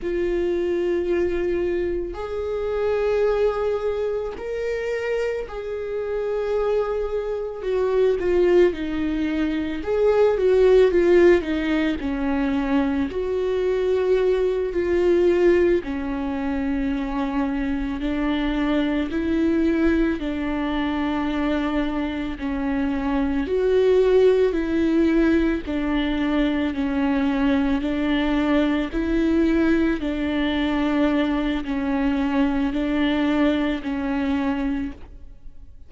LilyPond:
\new Staff \with { instrumentName = "viola" } { \time 4/4 \tempo 4 = 55 f'2 gis'2 | ais'4 gis'2 fis'8 f'8 | dis'4 gis'8 fis'8 f'8 dis'8 cis'4 | fis'4. f'4 cis'4.~ |
cis'8 d'4 e'4 d'4.~ | d'8 cis'4 fis'4 e'4 d'8~ | d'8 cis'4 d'4 e'4 d'8~ | d'4 cis'4 d'4 cis'4 | }